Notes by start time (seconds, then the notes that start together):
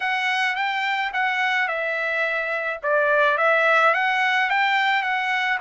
0.00 F#5
0.55 G5
1.13 F#5
1.67 E5
2.83 D5
3.37 E5
3.94 F#5
4.50 G5
5.02 F#5